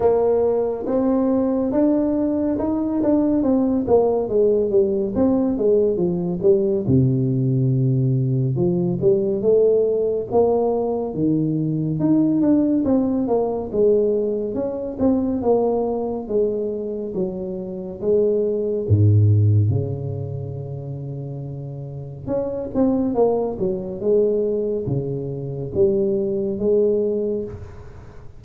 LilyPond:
\new Staff \with { instrumentName = "tuba" } { \time 4/4 \tempo 4 = 70 ais4 c'4 d'4 dis'8 d'8 | c'8 ais8 gis8 g8 c'8 gis8 f8 g8 | c2 f8 g8 a4 | ais4 dis4 dis'8 d'8 c'8 ais8 |
gis4 cis'8 c'8 ais4 gis4 | fis4 gis4 gis,4 cis4~ | cis2 cis'8 c'8 ais8 fis8 | gis4 cis4 g4 gis4 | }